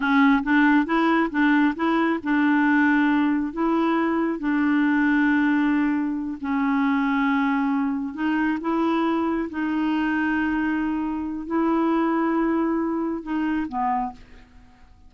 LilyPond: \new Staff \with { instrumentName = "clarinet" } { \time 4/4 \tempo 4 = 136 cis'4 d'4 e'4 d'4 | e'4 d'2. | e'2 d'2~ | d'2~ d'8 cis'4.~ |
cis'2~ cis'8 dis'4 e'8~ | e'4. dis'2~ dis'8~ | dis'2 e'2~ | e'2 dis'4 b4 | }